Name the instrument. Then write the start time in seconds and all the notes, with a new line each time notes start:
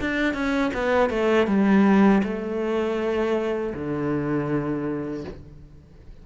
cello
0.00 D4
0.33 C#4
0.73 B3
1.09 A3
1.47 G3
2.23 A3
3.74 D3